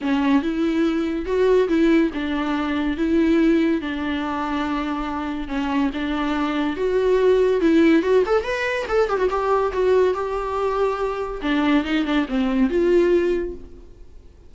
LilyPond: \new Staff \with { instrumentName = "viola" } { \time 4/4 \tempo 4 = 142 cis'4 e'2 fis'4 | e'4 d'2 e'4~ | e'4 d'2.~ | d'4 cis'4 d'2 |
fis'2 e'4 fis'8 a'8 | b'4 a'8 g'16 fis'16 g'4 fis'4 | g'2. d'4 | dis'8 d'8 c'4 f'2 | }